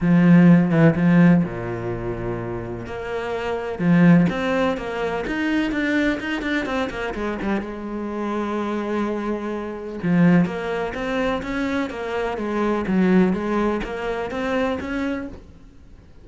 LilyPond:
\new Staff \with { instrumentName = "cello" } { \time 4/4 \tempo 4 = 126 f4. e8 f4 ais,4~ | ais,2 ais2 | f4 c'4 ais4 dis'4 | d'4 dis'8 d'8 c'8 ais8 gis8 g8 |
gis1~ | gis4 f4 ais4 c'4 | cis'4 ais4 gis4 fis4 | gis4 ais4 c'4 cis'4 | }